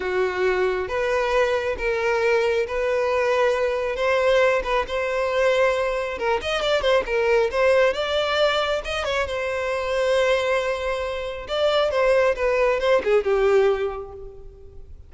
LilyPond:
\new Staff \with { instrumentName = "violin" } { \time 4/4 \tempo 4 = 136 fis'2 b'2 | ais'2 b'2~ | b'4 c''4. b'8 c''4~ | c''2 ais'8 dis''8 d''8 c''8 |
ais'4 c''4 d''2 | dis''8 cis''8 c''2.~ | c''2 d''4 c''4 | b'4 c''8 gis'8 g'2 | }